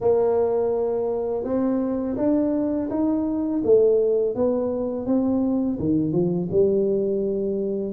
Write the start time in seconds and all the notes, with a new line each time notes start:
0.00 A#3
1.44 C4
2.17 D4
2.89 D#4
3.63 A3
4.35 B3
5.06 C4
5.79 D#3
6.12 F3
6.51 G3